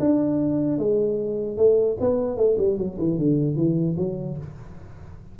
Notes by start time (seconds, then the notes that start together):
0.00 D4
0.79 G#3
1.57 A3
2.01 B3
2.37 A3
2.59 G3
2.78 F#3
2.99 E3
3.19 D3
3.56 E3
3.98 F#3